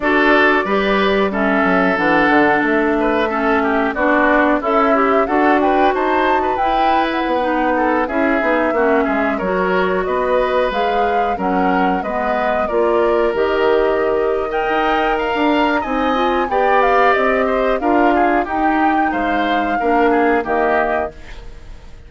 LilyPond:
<<
  \new Staff \with { instrumentName = "flute" } { \time 4/4 \tempo 4 = 91 d''2 e''4 fis''4 | e''2 d''4 e''4 | fis''8 g''8 a''4 g''8. fis''4~ fis''16~ | fis''16 e''2 cis''4 dis''8.~ |
dis''16 f''4 fis''4 dis''4 d''8.~ | d''16 dis''4.~ dis''16 g''4 ais''4 | gis''4 g''8 f''8 dis''4 f''4 | g''4 f''2 dis''4 | }
  \new Staff \with { instrumentName = "oboe" } { \time 4/4 a'4 b'4 a'2~ | a'8 b'8 a'8 g'8 fis'4 e'4 | a'8 b'8 c''8. b'2 a'16~ | a'16 gis'4 fis'8 gis'8 ais'4 b'8.~ |
b'4~ b'16 ais'4 b'4 ais'8.~ | ais'2 dis''4 f''4 | dis''4 d''4. c''8 ais'8 gis'8 | g'4 c''4 ais'8 gis'8 g'4 | }
  \new Staff \with { instrumentName = "clarinet" } { \time 4/4 fis'4 g'4 cis'4 d'4~ | d'4 cis'4 d'4 a'8 g'8 | fis'2 e'4~ e'16 dis'8.~ | dis'16 e'8 dis'8 cis'4 fis'4.~ fis'16~ |
fis'16 gis'4 cis'4 b4 f'8.~ | f'16 g'4.~ g'16 ais'2 | dis'8 f'8 g'2 f'4 | dis'2 d'4 ais4 | }
  \new Staff \with { instrumentName = "bassoon" } { \time 4/4 d'4 g4. fis8 e8 d8 | a2 b4 cis'4 | d'4 dis'4 e'4 b4~ | b16 cis'8 b8 ais8 gis8 fis4 b8.~ |
b16 gis4 fis4 gis4 ais8.~ | ais16 dis2 dis'4 d'8. | c'4 b4 c'4 d'4 | dis'4 gis4 ais4 dis4 | }
>>